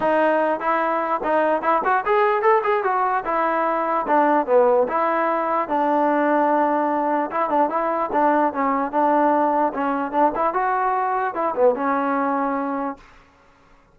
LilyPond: \new Staff \with { instrumentName = "trombone" } { \time 4/4 \tempo 4 = 148 dis'4. e'4. dis'4 | e'8 fis'8 gis'4 a'8 gis'8 fis'4 | e'2 d'4 b4 | e'2 d'2~ |
d'2 e'8 d'8 e'4 | d'4 cis'4 d'2 | cis'4 d'8 e'8 fis'2 | e'8 b8 cis'2. | }